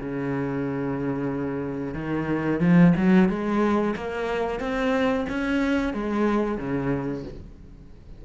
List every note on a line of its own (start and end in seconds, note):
0.00 1.95 C#3
1.95 2.61 D#3
2.61 2.94 F3
2.97 3.29 F#3
3.29 3.95 G#3
3.97 4.60 A#3
4.60 5.26 C4
5.30 5.94 C#4
5.94 6.58 G#3
6.58 7.24 C#3